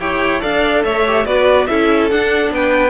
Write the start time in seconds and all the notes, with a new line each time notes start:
0.00 E4 G4 C#5 G5
0.40 D4 A4 D5 F5
0.84 A3 C#5 E5
1.07 G4
1.25 B3 F#4 B4 D5
1.67 C#4 E4 A4 E5
2.11 D4 F#5
2.51 B3 B4 G5